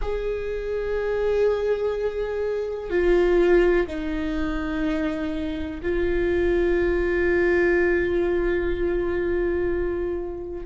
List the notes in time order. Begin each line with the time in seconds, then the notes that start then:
0.01 G#4
2.89 F4
3.87 D#4
5.82 F4